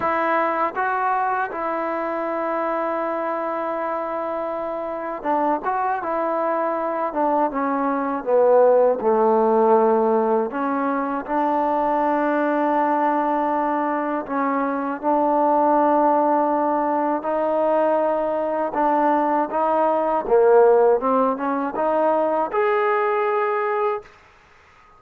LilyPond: \new Staff \with { instrumentName = "trombone" } { \time 4/4 \tempo 4 = 80 e'4 fis'4 e'2~ | e'2. d'8 fis'8 | e'4. d'8 cis'4 b4 | a2 cis'4 d'4~ |
d'2. cis'4 | d'2. dis'4~ | dis'4 d'4 dis'4 ais4 | c'8 cis'8 dis'4 gis'2 | }